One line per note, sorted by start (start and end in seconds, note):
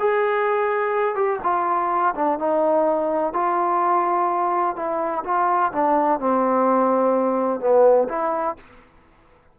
0.00 1.16 G#4
1.16 1.39 G4
1.43 2.15 F4
2.15 2.39 D4
2.39 3.34 D#4
3.34 4.76 F4
4.76 5.24 E4
5.24 5.72 F4
5.73 6.20 D4
6.20 7.61 C4
7.61 8.08 B3
8.09 8.56 E4